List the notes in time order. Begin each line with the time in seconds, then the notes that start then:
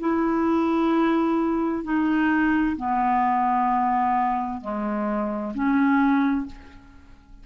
0.00 E4
1.84 D#4
2.77 B3
4.61 G#3
5.55 C#4